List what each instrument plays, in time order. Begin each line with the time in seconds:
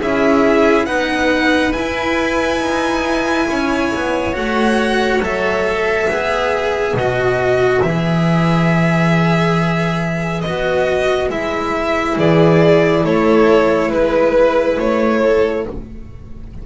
0.00 double bass C#4, cello E4, violin G#4 E5
0.86 double bass B3, cello D#4, violin B4 F#5
1.73 cello E4, double bass E4, violin G#5
2.61 double bass D#4
3.49 double bass C#4, violin C#5
3.95 double bass B3
4.33 double bass A3, cello F#4, violin F#5
5.20 double bass F#3, cello A4, violin E5
6.08 double bass B3, cello G#4, violin B4
6.94 double bass B2, cello F#4, violin D#5
7.83 double bass E3, cello G#4, violin E5
10.42 double bass B3, cello F#4, violin D#5
11.29 double bass G#3, cello E4, violin E5
12.17 double bass E3, violin G#4 D5
13.05 double bass A3, violin A4 C#5
13.88 double bass G#3, violin B4
14.80 double bass A3, violin C#5
15.22 violin A4